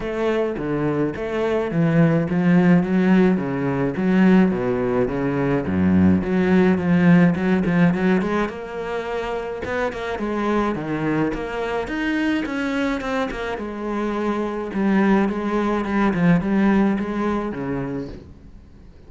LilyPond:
\new Staff \with { instrumentName = "cello" } { \time 4/4 \tempo 4 = 106 a4 d4 a4 e4 | f4 fis4 cis4 fis4 | b,4 cis4 fis,4 fis4 | f4 fis8 f8 fis8 gis8 ais4~ |
ais4 b8 ais8 gis4 dis4 | ais4 dis'4 cis'4 c'8 ais8 | gis2 g4 gis4 | g8 f8 g4 gis4 cis4 | }